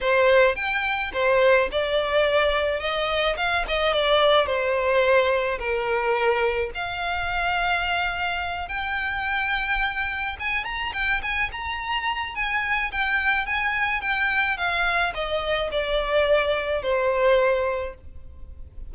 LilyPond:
\new Staff \with { instrumentName = "violin" } { \time 4/4 \tempo 4 = 107 c''4 g''4 c''4 d''4~ | d''4 dis''4 f''8 dis''8 d''4 | c''2 ais'2 | f''2.~ f''8 g''8~ |
g''2~ g''8 gis''8 ais''8 g''8 | gis''8 ais''4. gis''4 g''4 | gis''4 g''4 f''4 dis''4 | d''2 c''2 | }